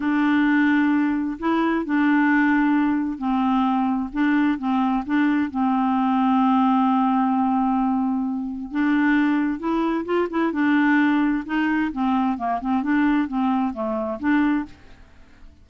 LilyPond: \new Staff \with { instrumentName = "clarinet" } { \time 4/4 \tempo 4 = 131 d'2. e'4 | d'2. c'4~ | c'4 d'4 c'4 d'4 | c'1~ |
c'2. d'4~ | d'4 e'4 f'8 e'8 d'4~ | d'4 dis'4 c'4 ais8 c'8 | d'4 c'4 a4 d'4 | }